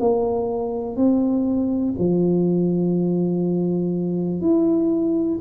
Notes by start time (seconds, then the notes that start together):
0.00 A#3
0.96 C4
1.99 F3
4.41 E4